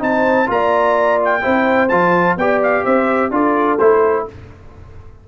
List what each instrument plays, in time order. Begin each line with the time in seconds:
0.00 tuba C4, trombone D#4, horn C5, trumpet A5
0.47 tuba A#3, trombone F4, horn D5, trumpet A#5
1.25 trumpet G5
1.42 tuba C4, trombone E4, horn C5
1.89 tuba F3, trombone F4, trumpet A5
2.37 tuba B3, trombone G4, horn D5, trumpet G5
2.63 trumpet F5
2.85 tuba C4, horn C5, trumpet E5
3.31 tuba D4, trombone F4, horn A4, trumpet D5
3.79 tuba A3, trombone E4, trumpet C5